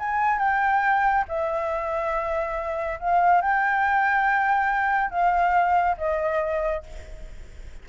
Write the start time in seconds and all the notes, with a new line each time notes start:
0.00 G#5
0.39 G5
1.29 E5
3.00 F5
3.42 G5
5.11 F5
5.98 D#5